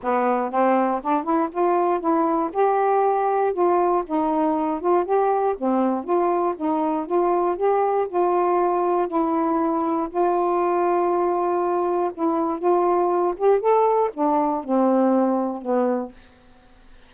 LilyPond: \new Staff \with { instrumentName = "saxophone" } { \time 4/4 \tempo 4 = 119 b4 c'4 d'8 e'8 f'4 | e'4 g'2 f'4 | dis'4. f'8 g'4 c'4 | f'4 dis'4 f'4 g'4 |
f'2 e'2 | f'1 | e'4 f'4. g'8 a'4 | d'4 c'2 b4 | }